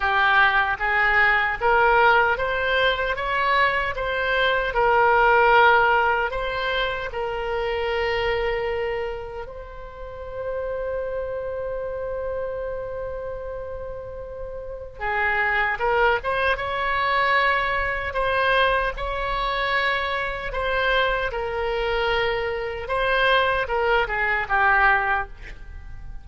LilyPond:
\new Staff \with { instrumentName = "oboe" } { \time 4/4 \tempo 4 = 76 g'4 gis'4 ais'4 c''4 | cis''4 c''4 ais'2 | c''4 ais'2. | c''1~ |
c''2. gis'4 | ais'8 c''8 cis''2 c''4 | cis''2 c''4 ais'4~ | ais'4 c''4 ais'8 gis'8 g'4 | }